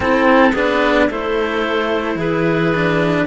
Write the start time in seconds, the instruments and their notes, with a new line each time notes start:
0.00 cello C4, clarinet E4, oboe A4
0.51 cello B3 D4, clarinet G#4, oboe B4
1.09 cello A3 E4, clarinet A4, oboe C5
2.15 cello E3, clarinet G#4, oboe B4
2.74 cello D4